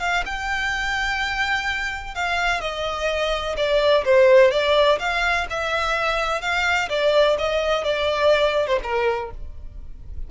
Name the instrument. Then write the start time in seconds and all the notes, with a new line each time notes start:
violin
0.00 F5
0.26 G5
2.15 F5
2.61 D#5
3.57 D5
4.05 C5
4.51 D5
5.00 F5
5.50 E5
6.42 F5
6.90 D5
7.39 D#5
7.84 D5
8.68 C5
8.83 A#4